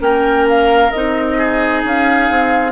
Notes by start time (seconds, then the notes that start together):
0.00 A#3 C#4 A#4 G5
0.49 F5
0.91 C4 D#4 D#5
1.38 G#4
1.84 C#4 F5
2.30 C4